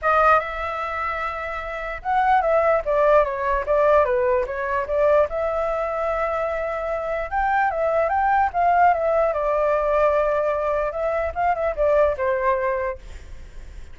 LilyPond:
\new Staff \with { instrumentName = "flute" } { \time 4/4 \tempo 4 = 148 dis''4 e''2.~ | e''4 fis''4 e''4 d''4 | cis''4 d''4 b'4 cis''4 | d''4 e''2.~ |
e''2 g''4 e''4 | g''4 f''4 e''4 d''4~ | d''2. e''4 | f''8 e''8 d''4 c''2 | }